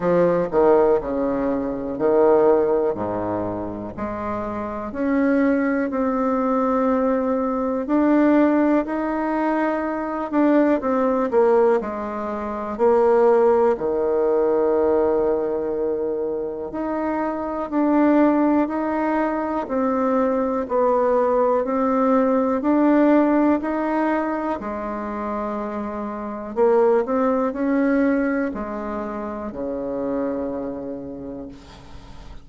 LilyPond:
\new Staff \with { instrumentName = "bassoon" } { \time 4/4 \tempo 4 = 61 f8 dis8 cis4 dis4 gis,4 | gis4 cis'4 c'2 | d'4 dis'4. d'8 c'8 ais8 | gis4 ais4 dis2~ |
dis4 dis'4 d'4 dis'4 | c'4 b4 c'4 d'4 | dis'4 gis2 ais8 c'8 | cis'4 gis4 cis2 | }